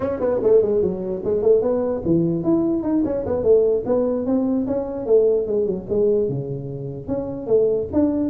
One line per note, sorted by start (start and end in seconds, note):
0.00 0.20 C#4
0.20 0.40 B3
0.43 0.62 A3
0.62 0.82 G#3
0.82 1.22 F#3
1.24 1.42 G#3
1.42 1.61 A3
1.61 2.02 B3
2.05 2.43 E3
2.43 2.82 E4
2.82 3.03 D#4
3.04 3.25 C#4
3.26 3.43 B3
3.43 3.83 A3
3.85 4.26 B3
4.26 4.66 C4
4.66 5.06 C#4
5.06 5.46 A3
5.47 5.66 G#3
5.66 5.86 F#3
5.89 6.28 G#3
6.28 7.07 C#3
7.07 7.46 C#4
7.46 7.87 A3
7.92 8.29 D4